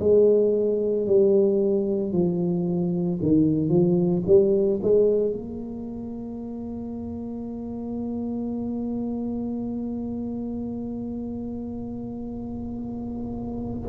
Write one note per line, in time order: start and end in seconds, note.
0.00 1.07 G#3
1.07 2.13 G3
2.13 3.20 F3
3.22 3.69 D#3
3.69 4.23 F3
4.27 4.80 G3
4.83 5.33 G#3
5.33 13.89 A#3